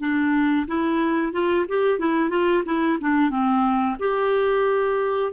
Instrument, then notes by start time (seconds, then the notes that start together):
clarinet
0.00 D4
0.68 E4
1.33 F4
1.69 G4
1.99 E4
2.30 F4
2.65 E4
3.01 D4
3.30 C4
4.00 G4